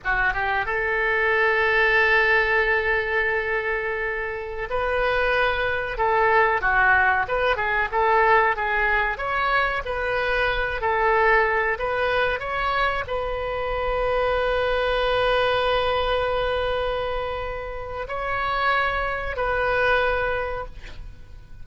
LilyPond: \new Staff \with { instrumentName = "oboe" } { \time 4/4 \tempo 4 = 93 fis'8 g'8 a'2.~ | a'2.~ a'16 b'8.~ | b'4~ b'16 a'4 fis'4 b'8 gis'16~ | gis'16 a'4 gis'4 cis''4 b'8.~ |
b'8. a'4. b'4 cis''8.~ | cis''16 b'2.~ b'8.~ | b'1 | cis''2 b'2 | }